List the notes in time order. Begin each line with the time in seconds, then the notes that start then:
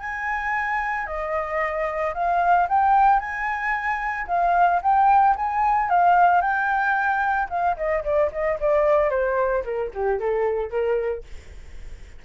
0.00 G#5
1.07 D#5
2.14 F5
2.69 G5
3.20 G#5
4.27 F5
4.82 G5
5.36 G#5
5.90 F5
6.42 G5
7.50 F5
7.77 D#5
8.05 D5
8.33 D#5
8.60 D5
9.10 C5
9.65 A#4
9.94 G4
10.20 A4
10.71 A#4